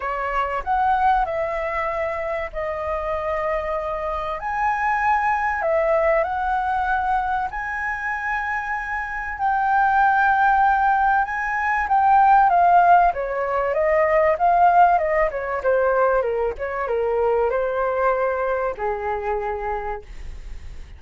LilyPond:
\new Staff \with { instrumentName = "flute" } { \time 4/4 \tempo 4 = 96 cis''4 fis''4 e''2 | dis''2. gis''4~ | gis''4 e''4 fis''2 | gis''2. g''4~ |
g''2 gis''4 g''4 | f''4 cis''4 dis''4 f''4 | dis''8 cis''8 c''4 ais'8 cis''8 ais'4 | c''2 gis'2 | }